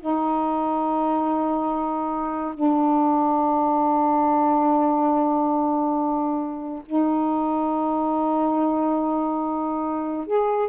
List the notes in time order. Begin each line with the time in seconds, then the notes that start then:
0.00 D#4
2.54 D4
6.86 D#4
10.27 G#4